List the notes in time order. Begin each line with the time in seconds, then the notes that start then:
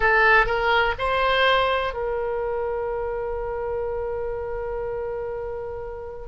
0.00 A4
0.46 A#4
0.98 C5
1.94 A#4